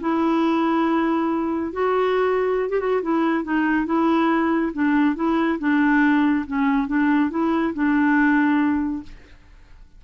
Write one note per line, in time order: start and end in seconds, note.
0.00 1.72 E4
1.72 2.69 F#4
2.69 2.80 G4
2.80 3.01 F#4
3.02 3.44 E4
3.44 3.86 D#4
3.86 4.72 E4
4.73 5.16 D4
5.16 5.59 E4
5.59 6.46 D4
6.47 6.88 C#4
6.88 7.30 D4
7.30 7.73 E4
7.74 9.03 D4